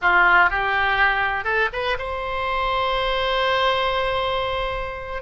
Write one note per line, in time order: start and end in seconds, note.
0.01 0.49 F4
0.49 1.44 G4
1.44 1.69 A4
1.73 1.97 B4
1.98 5.22 C5